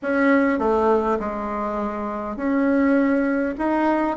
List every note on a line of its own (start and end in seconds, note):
0.02 0.59 C#4
0.59 1.18 A3
1.19 2.36 G#3
2.36 3.55 C#4
3.58 4.16 D#4